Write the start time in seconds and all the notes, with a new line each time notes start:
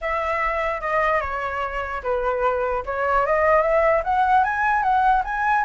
0.01 E5
0.80 D#5
1.21 C#5
2.03 B4
2.85 C#5
3.26 D#5
3.62 E5
4.04 F#5
4.44 G#5
4.82 F#5
5.24 G#5